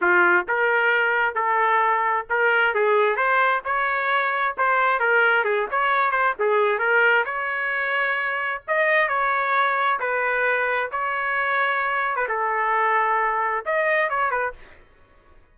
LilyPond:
\new Staff \with { instrumentName = "trumpet" } { \time 4/4 \tempo 4 = 132 f'4 ais'2 a'4~ | a'4 ais'4 gis'4 c''4 | cis''2 c''4 ais'4 | gis'8 cis''4 c''8 gis'4 ais'4 |
cis''2. dis''4 | cis''2 b'2 | cis''2~ cis''8. b'16 a'4~ | a'2 dis''4 cis''8 b'8 | }